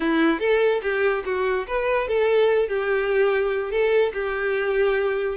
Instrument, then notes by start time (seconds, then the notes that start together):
violin
0.00 E4
0.39 A4
0.82 G4
1.25 F#4
1.67 B4
2.08 A4
2.68 G4
3.71 A4
4.13 G4